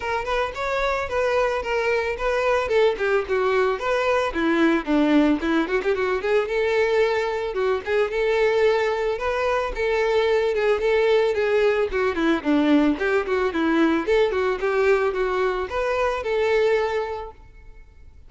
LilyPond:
\new Staff \with { instrumentName = "violin" } { \time 4/4 \tempo 4 = 111 ais'8 b'8 cis''4 b'4 ais'4 | b'4 a'8 g'8 fis'4 b'4 | e'4 d'4 e'8 fis'16 g'16 fis'8 gis'8 | a'2 fis'8 gis'8 a'4~ |
a'4 b'4 a'4. gis'8 | a'4 gis'4 fis'8 e'8 d'4 | g'8 fis'8 e'4 a'8 fis'8 g'4 | fis'4 b'4 a'2 | }